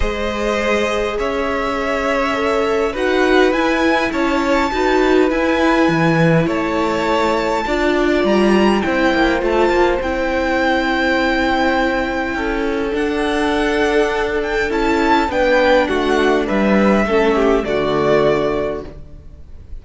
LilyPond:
<<
  \new Staff \with { instrumentName = "violin" } { \time 4/4 \tempo 4 = 102 dis''2 e''2~ | e''4 fis''4 gis''4 a''4~ | a''4 gis''2 a''4~ | a''2 ais''4 g''4 |
a''4 g''2.~ | g''2 fis''2~ | fis''8 g''8 a''4 g''4 fis''4 | e''2 d''2 | }
  \new Staff \with { instrumentName = "violin" } { \time 4/4 c''2 cis''2~ | cis''4 b'2 cis''4 | b'2. cis''4~ | cis''4 d''2 c''4~ |
c''1~ | c''4 a'2.~ | a'2 b'4 fis'4 | b'4 a'8 g'8 fis'2 | }
  \new Staff \with { instrumentName = "viola" } { \time 4/4 gis'1 | a'4 fis'4 e'2 | fis'4 e'2.~ | e'4 f'2 e'4 |
f'4 e'2.~ | e'2 d'2~ | d'4 e'4 d'2~ | d'4 cis'4 a2 | }
  \new Staff \with { instrumentName = "cello" } { \time 4/4 gis2 cis'2~ | cis'4 dis'4 e'4 cis'4 | dis'4 e'4 e4 a4~ | a4 d'4 g4 c'8 ais8 |
a8 ais8 c'2.~ | c'4 cis'4 d'2~ | d'4 cis'4 b4 a4 | g4 a4 d2 | }
>>